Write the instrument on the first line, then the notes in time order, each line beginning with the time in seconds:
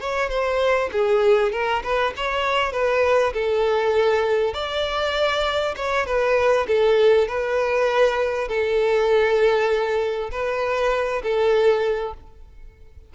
violin
0.00 C#5
0.29 C5
0.92 G#4
1.52 A#4
1.83 B4
2.17 C#5
2.72 B4
3.33 A4
4.54 D5
5.76 C#5
6.06 B4
6.67 A4
7.28 B4
8.48 A4
10.31 B4
11.23 A4